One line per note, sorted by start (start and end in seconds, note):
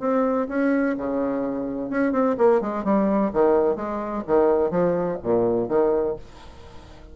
0.00 0.47 C4
0.49 0.96 C#4
0.98 1.90 C#3
1.90 2.12 C#4
2.12 2.36 C4
2.38 2.61 A#3
2.61 2.84 G#3
2.84 3.31 G3
3.33 3.76 D#3
3.76 4.23 G#3
4.27 4.71 D#3
4.71 5.18 F3
5.23 5.68 A#2
5.68 6.16 D#3